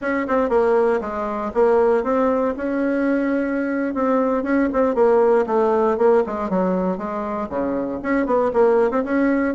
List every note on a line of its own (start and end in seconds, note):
0.01 0.26 C#4
0.27 0.49 C4
0.49 1.00 A#3
1.00 1.51 G#3
1.53 2.03 A#3
2.03 2.54 C4
2.56 3.94 C#4
3.94 4.43 C4
4.43 4.68 C#4
4.72 4.94 C4
4.94 5.45 A#3
5.46 5.97 A3
5.97 6.23 A#3
6.26 6.49 G#3
6.49 6.97 F#3
6.97 7.48 G#3
7.49 8.00 C#3
8.02 8.25 C#4
8.25 8.51 B3
8.53 8.91 A#3
8.91 9.03 C4
9.04 9.55 C#4